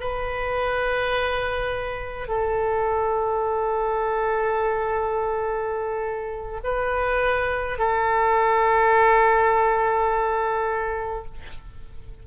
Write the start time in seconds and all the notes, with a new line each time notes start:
0.00 B4
2.28 A4
6.64 B4
7.79 A4